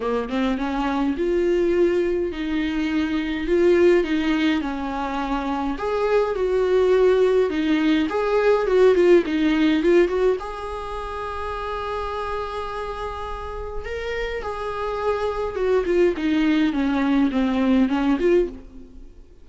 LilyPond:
\new Staff \with { instrumentName = "viola" } { \time 4/4 \tempo 4 = 104 ais8 c'8 cis'4 f'2 | dis'2 f'4 dis'4 | cis'2 gis'4 fis'4~ | fis'4 dis'4 gis'4 fis'8 f'8 |
dis'4 f'8 fis'8 gis'2~ | gis'1 | ais'4 gis'2 fis'8 f'8 | dis'4 cis'4 c'4 cis'8 f'8 | }